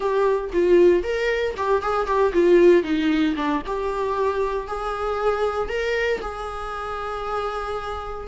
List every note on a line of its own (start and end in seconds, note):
0.00 0.50 G4
0.53 1.03 F4
1.03 1.54 A#4
1.56 1.82 G4
1.82 2.06 G#4
2.06 2.32 G4
2.33 2.83 F4
2.83 3.34 D#4
3.36 3.62 D4
3.66 4.67 G4
4.67 5.68 G#4
5.68 6.20 A#4
6.21 8.27 G#4